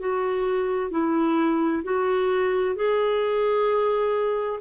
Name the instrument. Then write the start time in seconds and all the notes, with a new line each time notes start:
clarinet
0.00 F#4
0.91 E4
1.84 F#4
2.76 G#4